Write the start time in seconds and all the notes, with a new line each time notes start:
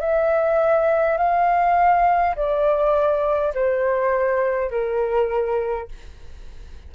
0.00 E5
1.17 F5
2.36 D5
3.54 C5
4.70 A#4